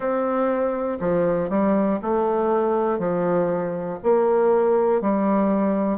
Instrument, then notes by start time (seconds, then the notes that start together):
bassoon
0.00 C4
1.00 F3
1.49 G3
2.02 A3
2.98 F3
4.03 A#3
5.01 G3